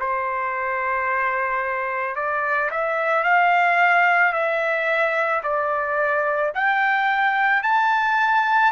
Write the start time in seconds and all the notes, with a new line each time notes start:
0.00 C5
2.16 D5
2.71 E5
3.24 F5
4.33 E5
5.43 D5
6.55 G5
7.63 A5